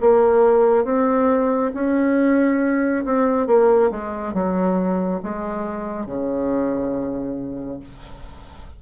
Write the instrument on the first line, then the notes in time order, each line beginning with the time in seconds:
bassoon
0.00 A#3
0.84 C4
1.74 C#4
3.05 C4
3.47 A#3
3.91 G#3
4.33 F#3
5.22 G#3
6.06 C#3